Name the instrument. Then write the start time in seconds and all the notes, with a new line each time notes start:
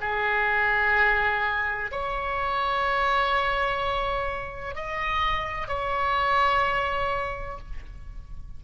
oboe
0.00 G#4
1.91 C#5
4.75 D#5
5.68 C#5